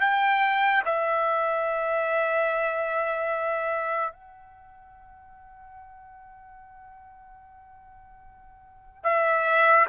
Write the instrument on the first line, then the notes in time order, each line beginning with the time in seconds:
trumpet
0.00 G5
0.85 E5
4.12 F#5
9.03 E5